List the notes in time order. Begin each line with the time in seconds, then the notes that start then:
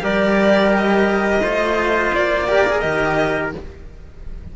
0.00 G3 G4 A#4 D5
0.77 D#5
1.41 A3 F4 C5
2.14 A#3 D5
2.48 G4 A#4
2.66 G#4
2.80 D#3 G4 D#5